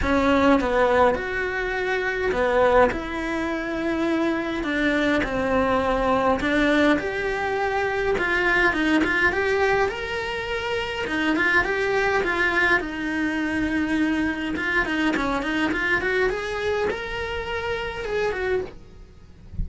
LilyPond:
\new Staff \with { instrumentName = "cello" } { \time 4/4 \tempo 4 = 103 cis'4 b4 fis'2 | b4 e'2. | d'4 c'2 d'4 | g'2 f'4 dis'8 f'8 |
g'4 ais'2 dis'8 f'8 | g'4 f'4 dis'2~ | dis'4 f'8 dis'8 cis'8 dis'8 f'8 fis'8 | gis'4 ais'2 gis'8 fis'8 | }